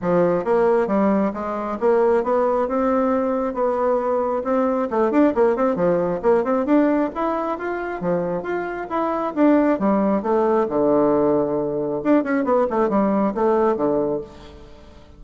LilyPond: \new Staff \with { instrumentName = "bassoon" } { \time 4/4 \tempo 4 = 135 f4 ais4 g4 gis4 | ais4 b4 c'2 | b2 c'4 a8 d'8 | ais8 c'8 f4 ais8 c'8 d'4 |
e'4 f'4 f4 f'4 | e'4 d'4 g4 a4 | d2. d'8 cis'8 | b8 a8 g4 a4 d4 | }